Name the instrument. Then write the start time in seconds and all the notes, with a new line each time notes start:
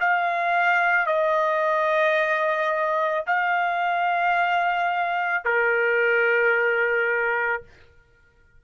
trumpet
0.00 F5
1.06 D#5
3.26 F5
5.44 A#4